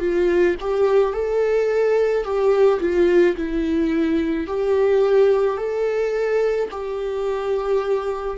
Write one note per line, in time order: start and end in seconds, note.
0.00 0.56 F4
0.61 1.14 G4
1.14 2.25 A4
2.25 2.80 G4
2.80 3.36 F4
3.36 4.47 E4
4.47 5.58 G4
5.58 6.69 A4
6.71 8.38 G4